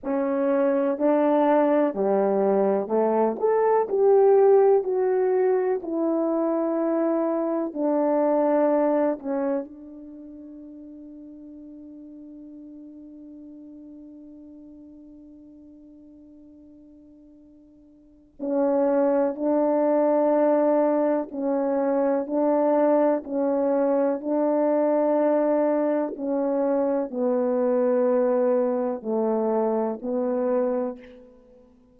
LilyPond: \new Staff \with { instrumentName = "horn" } { \time 4/4 \tempo 4 = 62 cis'4 d'4 g4 a8 a'8 | g'4 fis'4 e'2 | d'4. cis'8 d'2~ | d'1~ |
d'2. cis'4 | d'2 cis'4 d'4 | cis'4 d'2 cis'4 | b2 a4 b4 | }